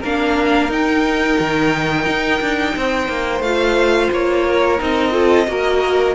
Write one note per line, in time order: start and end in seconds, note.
0.00 0.69 A#3
0.00 0.70 D4
0.00 2.73 A#4
0.00 0.72 F5
0.69 1.37 D#4
0.69 3.43 D#4
0.69 3.42 G5
1.40 2.06 D#3
2.06 2.40 D#4
2.41 2.75 D4
2.76 3.08 C4
2.76 4.47 C5
3.08 3.40 A#3
3.40 4.09 A3
3.40 4.79 F4
3.40 4.10 F5
4.12 4.80 A#3
4.12 4.81 C#5
4.47 5.13 A#4
4.79 5.48 C4
4.79 5.11 D#4
4.79 6.15 D#5
5.11 5.45 F4
5.11 5.48 A4
5.48 6.15 A#3
5.48 6.15 F#4
5.48 6.15 A#4